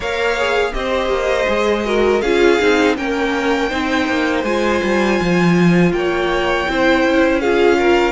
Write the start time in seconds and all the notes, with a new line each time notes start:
0.00 A#3 A#4 C#5 F5
0.37 G#4
0.72 C4 G4 C5 D#5
1.08 A#3
1.47 G#3 G#4
1.85 F#4 A#4
2.21 C#4 F4 G#4 F5
2.59 C4 D#4
2.96 A#3 C#4 A#4 G5
3.68 C4 D#4 C5
4.08 A#3
4.43 G#3 F4 G#5
4.83 G3
5.21 F3
5.92 A#3 C#5 G5
6.68 C4 E4 C5
7.04 C#4
7.40 F4 G#4 F5
7.78 A#4